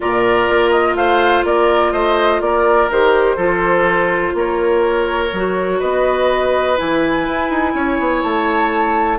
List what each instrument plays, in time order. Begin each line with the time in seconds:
0.00 bassoon A#2, clarinet F4, oboe A#4, flute D5
0.49 bassoon A#3
0.70 flute D#5
0.95 bassoon A3, oboe C5, flute F5
1.44 bassoon A#3, oboe A#4, flute D5
1.92 bassoon A3, oboe C5, flute D#5
2.41 bassoon A#3, oboe A#4, flute D5
2.90 bassoon D#3, clarinet G4, flute C5
3.36 bassoon F3, clarinet F4, oboe A4
4.34 bassoon A#3, oboe A#4, flute C#5
5.32 bassoon F#3, clarinet F#4
5.79 bassoon B3, oboe B4, flute D#5
6.76 bassoon E3, clarinet E4, flute G#5
7.27 bassoon E4
7.50 bassoon D#4
7.74 bassoon C#4, oboe C#5
7.98 bassoon B3
8.22 bassoon A3, flute A5